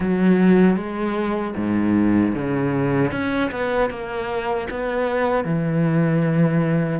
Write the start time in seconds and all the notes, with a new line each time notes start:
0.00 F#3
0.76 G#3
1.56 G#2
2.34 C#3
3.11 C#4
3.51 B3
3.90 A#3
4.70 B3
5.44 E3